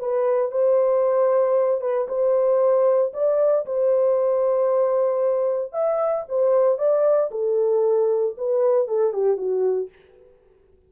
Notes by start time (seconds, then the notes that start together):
0.00 B4
0.52 C5
1.81 B4
2.08 C5
3.14 D5
3.66 C5
5.73 E5
6.28 C5
6.78 D5
7.31 A4
8.37 B4
8.88 A4
9.13 G4
9.37 F#4